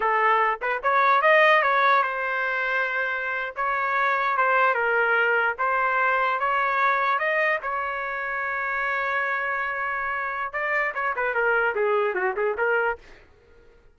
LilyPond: \new Staff \with { instrumentName = "trumpet" } { \time 4/4 \tempo 4 = 148 a'4. b'8 cis''4 dis''4 | cis''4 c''2.~ | c''8. cis''2 c''4 ais'16~ | ais'4.~ ais'16 c''2 cis''16~ |
cis''4.~ cis''16 dis''4 cis''4~ cis''16~ | cis''1~ | cis''2 d''4 cis''8 b'8 | ais'4 gis'4 fis'8 gis'8 ais'4 | }